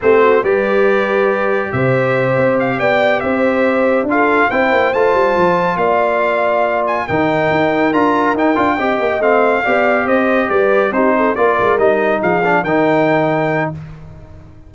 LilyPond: <<
  \new Staff \with { instrumentName = "trumpet" } { \time 4/4 \tempo 4 = 140 c''4 d''2. | e''2 f''8 g''4 e''8~ | e''4. f''4 g''4 a''8~ | a''4. f''2~ f''8 |
gis''8 g''2 ais''4 g''8~ | g''4. f''2 dis''8~ | dis''8 d''4 c''4 d''4 dis''8~ | dis''8 f''4 g''2~ g''8 | }
  \new Staff \with { instrumentName = "horn" } { \time 4/4 g'8 fis'8 b'2. | c''2~ c''8 d''4 c''8~ | c''4. a'4 c''4.~ | c''4. d''2~ d''8~ |
d''8 ais'2.~ ais'8~ | ais'8 dis''2 d''4 c''8~ | c''8 b'4 g'8 a'8 ais'4.~ | ais'8 gis'4 ais'2~ ais'8 | }
  \new Staff \with { instrumentName = "trombone" } { \time 4/4 c'4 g'2.~ | g'1~ | g'4. f'4 e'4 f'8~ | f'1~ |
f'8 dis'2 f'4 dis'8 | f'8 g'4 c'4 g'4.~ | g'4. dis'4 f'4 dis'8~ | dis'4 d'8 dis'2~ dis'8 | }
  \new Staff \with { instrumentName = "tuba" } { \time 4/4 a4 g2. | c4. c'4 b4 c'8~ | c'4. d'4 c'8 ais8 a8 | g8 f4 ais2~ ais8~ |
ais8 dis4 dis'4 d'4 dis'8 | d'8 c'8 ais8 a4 b4 c'8~ | c'8 g4 c'4 ais8 gis8 g8~ | g8 f4 dis2~ dis8 | }
>>